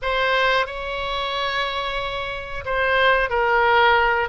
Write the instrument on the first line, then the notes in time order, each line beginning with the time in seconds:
oboe
0.01 C5
0.66 C#5
2.65 C5
3.29 A#4